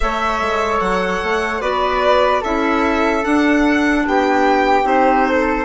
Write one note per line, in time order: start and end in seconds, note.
0.00 0.40 A3
0.00 1.61 A4
0.00 1.61 C#5
0.00 0.79 E5
0.40 0.80 G#3
0.80 1.20 F#3
0.80 1.61 F#5
1.23 1.61 A3
1.61 2.42 B3
1.61 2.42 F#4
1.61 2.41 B4
1.61 2.42 D5
2.41 3.24 C#4
2.41 3.22 E4
2.41 4.03 A4
2.41 3.24 E5
3.22 4.83 D4
3.22 4.06 D4
3.22 4.05 F#5
4.06 4.83 B3
4.06 5.28 G4
4.06 4.86 G5
4.83 5.64 C4
4.83 5.64 D#4
4.83 5.65 C5
5.28 5.65 A4